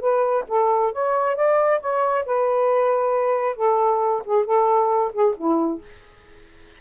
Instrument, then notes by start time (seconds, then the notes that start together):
saxophone
0.00 B4
0.48 A4
0.92 C#5
1.36 D5
1.80 C#5
2.26 B4
3.56 A4
4.25 G#4
4.45 A4
5.13 G#4
5.37 E4